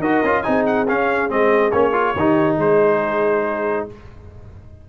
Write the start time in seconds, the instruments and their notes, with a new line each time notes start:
0.00 tuba D#4, trombone F#4, horn A#4, trumpet D#5
0.24 tuba C#4, trombone F4
0.43 tuba C4, trombone D#4, horn G#4, trumpet G#5
0.66 trumpet F#5
0.89 trombone C#4, tuba C#4, trumpet F5
1.30 tuba G#3, trombone C4, trumpet D#5
1.72 tuba A#3, trombone C#4, trumpet C#5
1.93 trombone F4
2.16 tuba D#3, trombone D#4, horn G4
2.58 tuba G#3, horn G#4, trumpet C5